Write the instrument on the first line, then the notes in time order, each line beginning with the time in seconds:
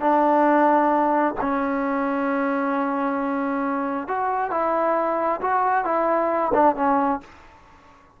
trombone
0.00 D4
1.40 C#4
4.07 F#4
4.50 E4
5.41 F#4
5.84 E4
6.53 D4
6.75 C#4